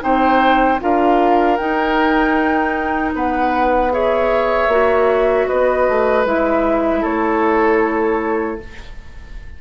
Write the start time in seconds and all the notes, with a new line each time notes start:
0.00 C4 D#4 C5 G5
0.80 D4 F4 A#4 F5
1.56 D#4 G5
3.13 B3 B4 F#5
3.91 G#4 C#5 E5
4.67 A#3 F#4
5.47 B3 B4 D#5
5.88 A3
6.25 G#3 E4 E5
7.01 A3 A4 C#5